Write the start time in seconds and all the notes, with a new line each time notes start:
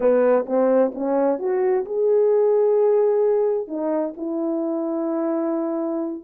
0.00 B3
0.46 C4
0.94 C#4
1.38 F#4
1.85 G#4
3.67 D#4
4.16 E4